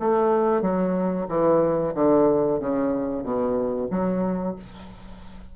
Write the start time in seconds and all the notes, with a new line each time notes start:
0.00 A3
0.62 F#3
1.29 E3
1.95 D3
2.60 C#3
3.23 B2
3.91 F#3